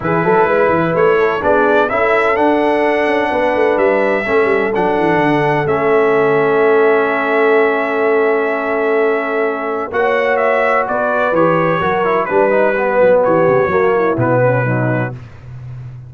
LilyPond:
<<
  \new Staff \with { instrumentName = "trumpet" } { \time 4/4 \tempo 4 = 127 b'2 cis''4 d''4 | e''4 fis''2. | e''2 fis''2 | e''1~ |
e''1~ | e''4 fis''4 e''4 d''4 | cis''2 b'2 | cis''2 b'2 | }
  \new Staff \with { instrumentName = "horn" } { \time 4/4 gis'8 a'8 b'4. a'8 gis'4 | a'2. b'4~ | b'4 a'2.~ | a'1~ |
a'1~ | a'4 cis''2 b'4~ | b'4 ais'4 b'2 | g'4 fis'8 e'4 cis'8 dis'4 | }
  \new Staff \with { instrumentName = "trombone" } { \time 4/4 e'2. d'4 | e'4 d'2.~ | d'4 cis'4 d'2 | cis'1~ |
cis'1~ | cis'4 fis'2. | g'4 fis'8 e'8 d'8 dis'8 b4~ | b4 ais4 b4 fis4 | }
  \new Staff \with { instrumentName = "tuba" } { \time 4/4 e8 fis8 gis8 e8 a4 b4 | cis'4 d'4. cis'8 b8 a8 | g4 a8 g8 fis8 e8 d4 | a1~ |
a1~ | a4 ais2 b4 | e4 fis4 g4. fis8 | e8 cis8 fis4 b,2 | }
>>